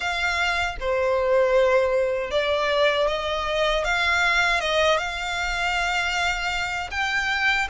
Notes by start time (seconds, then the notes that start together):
0.00 F5
0.80 C5
2.30 D5
3.07 D#5
3.84 F5
4.60 D#5
4.97 F5
6.91 G5